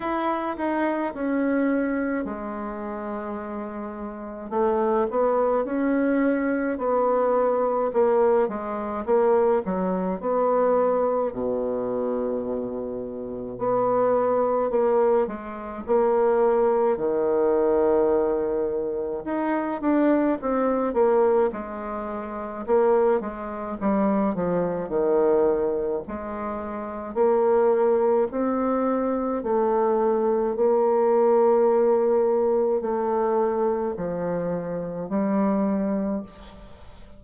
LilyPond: \new Staff \with { instrumentName = "bassoon" } { \time 4/4 \tempo 4 = 53 e'8 dis'8 cis'4 gis2 | a8 b8 cis'4 b4 ais8 gis8 | ais8 fis8 b4 b,2 | b4 ais8 gis8 ais4 dis4~ |
dis4 dis'8 d'8 c'8 ais8 gis4 | ais8 gis8 g8 f8 dis4 gis4 | ais4 c'4 a4 ais4~ | ais4 a4 f4 g4 | }